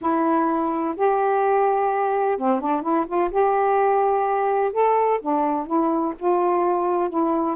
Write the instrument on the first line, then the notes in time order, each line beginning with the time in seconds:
saxophone
0.01 E4
0.96 G4
2.37 C4
2.60 D4
2.82 E4
3.06 F4
3.30 G4
4.72 A4
5.21 D4
5.66 E4
6.18 F4
7.09 E4